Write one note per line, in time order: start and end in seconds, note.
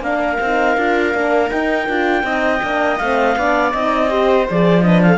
0.00 0.37 A#3
0.00 0.39 D4
0.00 2.25 A#4
0.00 1.50 F5
0.40 0.77 C4
0.40 0.77 D#4
0.77 1.14 D4
0.77 1.14 F4
1.14 1.51 A#3
1.14 1.49 D4
1.49 1.86 D#4
1.49 1.88 D#4
1.49 2.98 G5
1.88 2.23 D4
1.88 2.24 F4
2.23 2.60 C4
2.23 2.61 D#4
2.23 3.36 D#5
2.62 3.00 A#3
2.62 3.00 D4
2.98 3.36 A3
2.98 3.37 C4
2.98 3.72 F5
3.36 3.73 B3
3.36 3.74 D4
3.36 4.11 D5
3.72 4.48 C4
3.72 4.09 D#4
3.72 4.46 D#5
4.09 4.46 G4
4.09 4.85 C5
4.50 5.18 F3
4.50 4.82 G#4
4.50 4.82 D5
4.82 5.18 D4
4.82 5.04 B4
4.82 5.01 D#5
5.02 5.18 A4
5.02 5.18 F5